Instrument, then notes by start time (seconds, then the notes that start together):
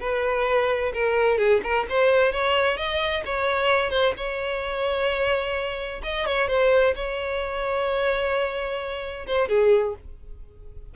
violin
0.00 B4
0.93 A#4
1.38 G#4
1.63 A#4
1.89 C5
2.32 C#5
2.77 D#5
3.25 C#5
3.90 C5
4.17 C#5
6.03 D#5
6.26 C#5
6.48 C5
6.95 C#5
9.26 C5
9.48 G#4